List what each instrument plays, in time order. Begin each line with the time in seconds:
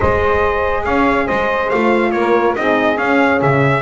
0.00 double bass G#3, horn G#4, saxophone C5, trumpet D#5
0.84 double bass C#4, saxophone C#5, trumpet F5
1.26 double bass G#3, saxophone C5, trumpet D#5
1.69 double bass A3, horn F4, trumpet F5
2.11 double bass A#3, trumpet C#5
2.18 saxophone A#4
2.55 double bass C4, horn D#4, saxophone G#4, trumpet D#5
2.96 horn C#4, double bass C#4, trumpet F5
3.41 double bass C#3, trumpet E5